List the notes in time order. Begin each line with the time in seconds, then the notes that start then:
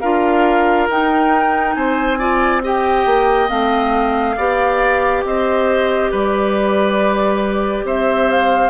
0.00 D4 F4 A#4 F5
0.89 D#4 G5
1.74 C4 C5 G#5
2.18 F4 D5
2.63 G4 D#5 G5
3.06 A#3
3.49 A3 C4 F5
4.37 B3 G4 D5
5.24 C4 C5 D#5
6.11 G3 B4 D5
7.84 C4 C5 E5
8.30 F5